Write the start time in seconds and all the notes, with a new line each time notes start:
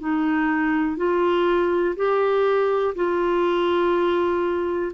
0.00 D#4
0.97 F4
1.96 G4
2.96 F4